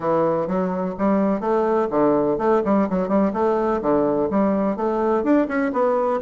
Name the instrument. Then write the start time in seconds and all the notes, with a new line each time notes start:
bassoon
0.00 E3
0.47 F#3
0.98 G3
1.40 A3
1.90 D3
2.38 A3
2.64 G3
2.89 F#3
3.08 G3
3.33 A3
3.81 D3
4.30 G3
4.76 A3
5.23 D4
5.48 C#4
5.72 B3